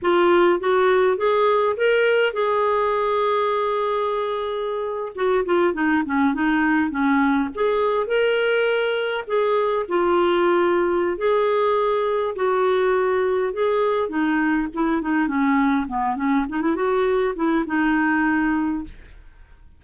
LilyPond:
\new Staff \with { instrumentName = "clarinet" } { \time 4/4 \tempo 4 = 102 f'4 fis'4 gis'4 ais'4 | gis'1~ | gis'8. fis'8 f'8 dis'8 cis'8 dis'4 cis'16~ | cis'8. gis'4 ais'2 gis'16~ |
gis'8. f'2~ f'16 gis'4~ | gis'4 fis'2 gis'4 | dis'4 e'8 dis'8 cis'4 b8 cis'8 | dis'16 e'16 fis'4 e'8 dis'2 | }